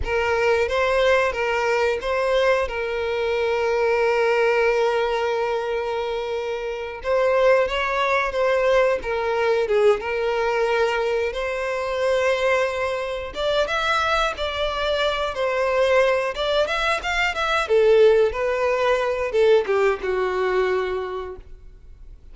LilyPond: \new Staff \with { instrumentName = "violin" } { \time 4/4 \tempo 4 = 90 ais'4 c''4 ais'4 c''4 | ais'1~ | ais'2~ ais'8 c''4 cis''8~ | cis''8 c''4 ais'4 gis'8 ais'4~ |
ais'4 c''2. | d''8 e''4 d''4. c''4~ | c''8 d''8 e''8 f''8 e''8 a'4 b'8~ | b'4 a'8 g'8 fis'2 | }